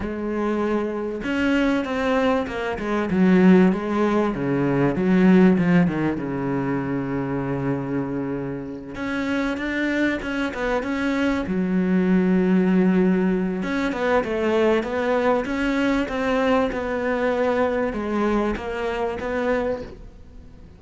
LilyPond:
\new Staff \with { instrumentName = "cello" } { \time 4/4 \tempo 4 = 97 gis2 cis'4 c'4 | ais8 gis8 fis4 gis4 cis4 | fis4 f8 dis8 cis2~ | cis2~ cis8 cis'4 d'8~ |
d'8 cis'8 b8 cis'4 fis4.~ | fis2 cis'8 b8 a4 | b4 cis'4 c'4 b4~ | b4 gis4 ais4 b4 | }